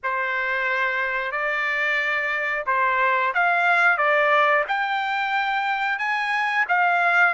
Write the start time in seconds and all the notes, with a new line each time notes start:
0.03 C5
1.31 D5
2.66 C5
3.33 F5
3.97 D5
4.68 G5
5.98 G#5
6.68 F5